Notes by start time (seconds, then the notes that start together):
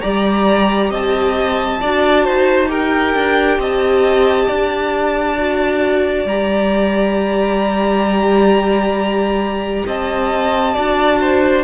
0.00 G3 G4 D5 A#5
0.90 C4 D#5 A5
1.81 D4 F#4 D5
2.24 D#4 C5
2.68 G4 A#4 G5
3.14 D4
3.58 C4 D#5 A5
4.48 D4 D5
5.37 F#4
6.25 G3 G4 A#5
9.86 C4 D#5 A5
10.74 D4 F#4 D5
11.21 C5